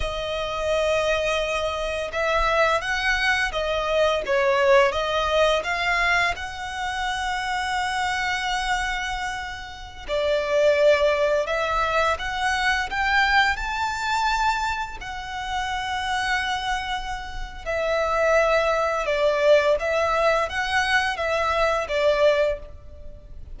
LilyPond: \new Staff \with { instrumentName = "violin" } { \time 4/4 \tempo 4 = 85 dis''2. e''4 | fis''4 dis''4 cis''4 dis''4 | f''4 fis''2.~ | fis''2~ fis''16 d''4.~ d''16~ |
d''16 e''4 fis''4 g''4 a''8.~ | a''4~ a''16 fis''2~ fis''8.~ | fis''4 e''2 d''4 | e''4 fis''4 e''4 d''4 | }